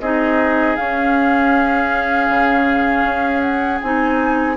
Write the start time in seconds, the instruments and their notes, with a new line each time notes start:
0.00 bassoon C4, clarinet D#4, oboe G#4, flute D#5
0.76 clarinet C#4, bassoon C#4, flute F5
2.28 bassoon C#3
3.04 bassoon C#4
3.41 flute F#5
3.81 bassoon C4, clarinet D#4, flute G#5